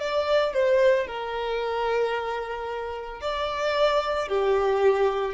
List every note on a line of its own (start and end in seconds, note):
0.00 0.54 D5
0.54 1.07 C5
1.07 3.21 A#4
3.21 4.29 D5
4.29 5.34 G4